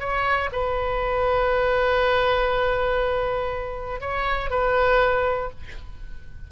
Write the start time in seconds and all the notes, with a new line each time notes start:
0.00 C#5
0.52 B4
4.01 C#5
4.50 B4